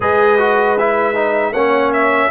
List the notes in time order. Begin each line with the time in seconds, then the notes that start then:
0.00 G#3 G#4 B4 D#5
0.38 F#4
0.78 E4 E5
1.14 D#4
1.53 A#3 C#4 C#5 F#5
1.93 E5